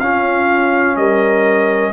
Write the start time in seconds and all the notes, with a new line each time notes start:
0.00 C#4 F4 F5
0.97 G3 A#4 D#5